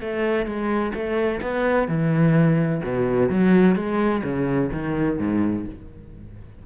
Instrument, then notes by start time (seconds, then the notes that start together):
cello
0.00 A3
0.45 G#3
0.94 A3
1.41 B3
1.88 E3
2.83 B2
3.29 F#3
3.75 G#3
4.23 C#3
4.72 D#3
5.19 G#2